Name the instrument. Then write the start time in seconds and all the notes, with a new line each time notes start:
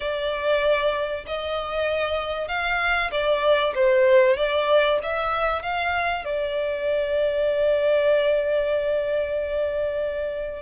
violin
0.00 D5
1.27 D#5
2.48 F5
3.11 D5
3.74 C5
4.36 D5
5.02 E5
5.62 F5
6.24 D5